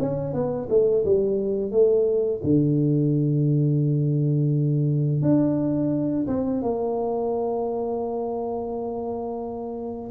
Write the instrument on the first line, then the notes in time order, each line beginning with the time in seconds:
tuba
0.00 C#4
0.34 B3
0.69 A3
1.05 G3
1.72 A3
2.43 D3
5.22 D4
6.27 C4
6.62 A#3